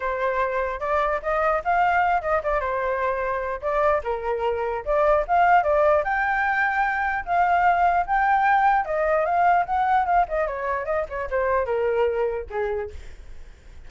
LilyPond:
\new Staff \with { instrumentName = "flute" } { \time 4/4 \tempo 4 = 149 c''2 d''4 dis''4 | f''4. dis''8 d''8 c''4.~ | c''4 d''4 ais'2 | d''4 f''4 d''4 g''4~ |
g''2 f''2 | g''2 dis''4 f''4 | fis''4 f''8 dis''8 cis''4 dis''8 cis''8 | c''4 ais'2 gis'4 | }